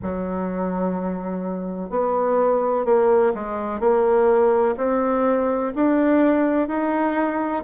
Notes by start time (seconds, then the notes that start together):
0.02 F#3
1.90 B3
2.85 A#3
3.34 G#3
3.80 A#3
4.77 C4
5.75 D4
6.68 D#4